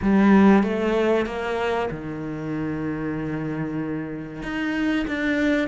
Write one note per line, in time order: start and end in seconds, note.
0.02 0.63 G3
0.63 1.26 A3
1.26 1.89 A#3
1.90 4.42 D#3
4.42 5.06 D#4
5.07 5.68 D4